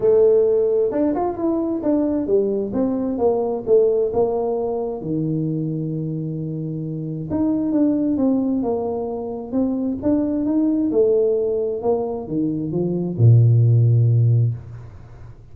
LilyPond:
\new Staff \with { instrumentName = "tuba" } { \time 4/4 \tempo 4 = 132 a2 d'8 f'8 e'4 | d'4 g4 c'4 ais4 | a4 ais2 dis4~ | dis1 |
dis'4 d'4 c'4 ais4~ | ais4 c'4 d'4 dis'4 | a2 ais4 dis4 | f4 ais,2. | }